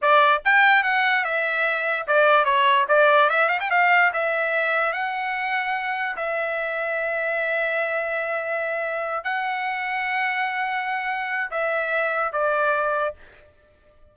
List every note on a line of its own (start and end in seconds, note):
0.01 0.42 D5
0.44 0.83 G5
0.83 1.24 F#5
1.24 2.06 E5
2.07 2.45 D5
2.45 2.86 C#5
2.88 3.29 D5
3.29 3.48 E5
3.48 3.59 F5
3.60 3.70 G5
3.70 4.11 F5
4.13 4.92 E5
4.92 6.16 F#5
6.16 9.24 E5
9.24 11.50 F#5
11.51 12.32 E5
12.32 13.14 D5